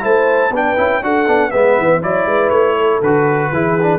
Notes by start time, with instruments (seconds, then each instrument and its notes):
0.00 tuba A3, trombone E4, horn C5, trumpet A5
0.50 tuba B3, trombone D4, horn B4, trumpet G5
0.77 tuba C#4, trombone E4
1.02 tuba D4, trombone F#4, horn A4, trumpet F#5
1.26 tuba B3, trombone D4
1.51 tuba G#3, trombone B3, horn B4, trumpet E5
1.78 tuba E3
2.02 tuba F#3, trombone E4, horn C#5, trumpet D5
2.25 tuba G#3, horn B4
2.49 tuba A3, trumpet C#5
2.76 horn A4
3.01 tuba D3, trombone F#4, trumpet B4
3.51 tuba E3, trombone E4, horn G#4
3.82 trombone D4